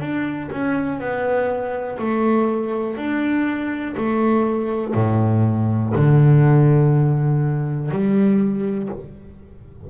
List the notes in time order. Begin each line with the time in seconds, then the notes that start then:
0.00 D4
0.51 C#4
1.00 B3
1.99 A3
2.97 D4
3.97 A3
4.94 A2
5.95 D3
7.90 G3